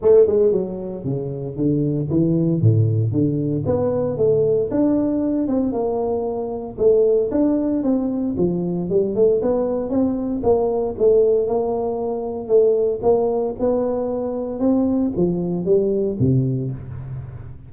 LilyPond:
\new Staff \with { instrumentName = "tuba" } { \time 4/4 \tempo 4 = 115 a8 gis8 fis4 cis4 d4 | e4 a,4 d4 b4 | a4 d'4. c'8 ais4~ | ais4 a4 d'4 c'4 |
f4 g8 a8 b4 c'4 | ais4 a4 ais2 | a4 ais4 b2 | c'4 f4 g4 c4 | }